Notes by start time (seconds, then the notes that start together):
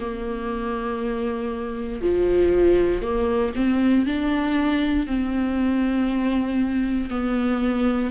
0.00 A#3
2.02 F3
3.02 A#3
3.55 C4
4.06 D4
5.07 C4
7.10 B3